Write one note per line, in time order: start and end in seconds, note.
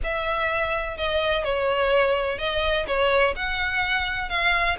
0.03 0.97 E5
0.97 1.44 D#5
1.44 2.38 C#5
2.38 2.86 D#5
2.87 3.34 C#5
3.35 4.29 F#5
4.29 4.76 F5